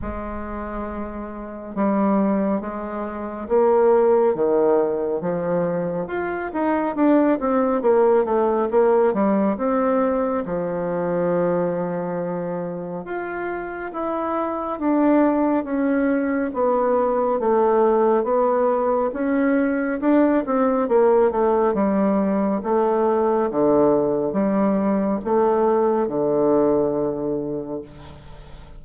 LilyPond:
\new Staff \with { instrumentName = "bassoon" } { \time 4/4 \tempo 4 = 69 gis2 g4 gis4 | ais4 dis4 f4 f'8 dis'8 | d'8 c'8 ais8 a8 ais8 g8 c'4 | f2. f'4 |
e'4 d'4 cis'4 b4 | a4 b4 cis'4 d'8 c'8 | ais8 a8 g4 a4 d4 | g4 a4 d2 | }